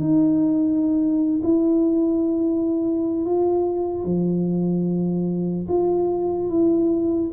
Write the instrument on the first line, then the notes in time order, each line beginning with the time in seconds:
tuba
0.00 D#4
1.44 E4
3.26 F4
4.05 F3
5.69 F4
6.50 E4